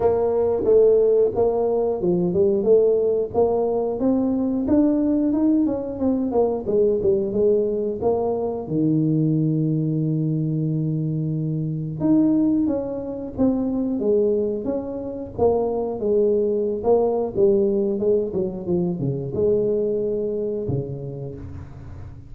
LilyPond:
\new Staff \with { instrumentName = "tuba" } { \time 4/4 \tempo 4 = 90 ais4 a4 ais4 f8 g8 | a4 ais4 c'4 d'4 | dis'8 cis'8 c'8 ais8 gis8 g8 gis4 | ais4 dis2.~ |
dis2 dis'4 cis'4 | c'4 gis4 cis'4 ais4 | gis4~ gis16 ais8. g4 gis8 fis8 | f8 cis8 gis2 cis4 | }